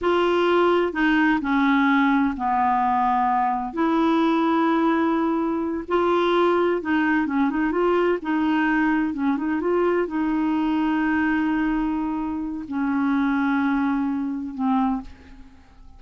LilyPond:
\new Staff \with { instrumentName = "clarinet" } { \time 4/4 \tempo 4 = 128 f'2 dis'4 cis'4~ | cis'4 b2. | e'1~ | e'8 f'2 dis'4 cis'8 |
dis'8 f'4 dis'2 cis'8 | dis'8 f'4 dis'2~ dis'8~ | dis'2. cis'4~ | cis'2. c'4 | }